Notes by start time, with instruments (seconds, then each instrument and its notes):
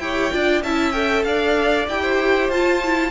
0.00 cello E4, viola G4, violin C#5 G5
0.32 cello D4, viola F4, violin D5
0.63 cello C#4, viola E4, violin E5 A5
0.92 viola A4, violin G5
1.24 cello D4, violin D5 F5
1.88 cello E4, viola G4, violin G5
2.02 violin C5
2.49 cello F4, viola F4, violin A5
2.84 viola E4